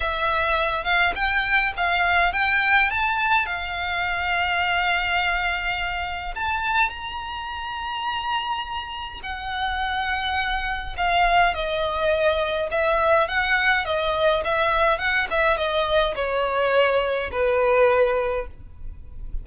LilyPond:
\new Staff \with { instrumentName = "violin" } { \time 4/4 \tempo 4 = 104 e''4. f''8 g''4 f''4 | g''4 a''4 f''2~ | f''2. a''4 | ais''1 |
fis''2. f''4 | dis''2 e''4 fis''4 | dis''4 e''4 fis''8 e''8 dis''4 | cis''2 b'2 | }